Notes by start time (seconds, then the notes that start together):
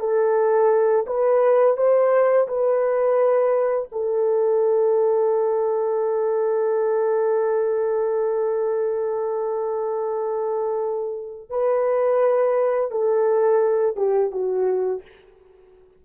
0.00 A4
1.07 B4
1.77 C5
2.48 B4
3.92 A4
11.50 B4
12.91 A4
13.96 G4
14.32 F#4